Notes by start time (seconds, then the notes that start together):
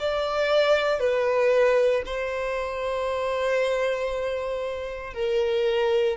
0.00 D5
1.00 B4
2.06 C5
5.14 A#4